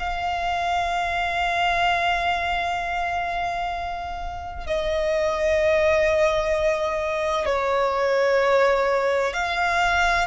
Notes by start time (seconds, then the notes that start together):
0.00 F5
4.67 D#5
7.46 C#5
9.34 F5